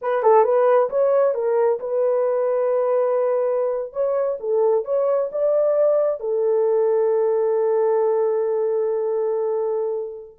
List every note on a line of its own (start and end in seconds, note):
0.01 0.22 B4
0.22 0.44 A4
0.44 0.89 B4
0.89 1.34 C#5
1.34 1.79 A#4
1.79 3.92 B4
3.92 4.37 C#5
4.40 4.85 A4
4.85 5.30 C#5
5.32 6.20 D5
6.20 10.37 A4